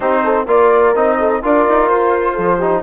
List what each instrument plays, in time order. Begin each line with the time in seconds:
0.00 bassoon C4, trombone D#4, horn G4, flute C5
0.24 horn A4
0.46 bassoon A#3, trombone F4, horn A#4, flute D5
0.94 bassoon C4, trombone D#4, flute D#5
1.18 horn A4
1.42 bassoon D4, trombone F4, horn A#4, flute D5
1.68 bassoon D#4
1.87 bassoon F4, flute C5
2.33 bassoon F3, horn A4
2.57 trombone D#4, horn G4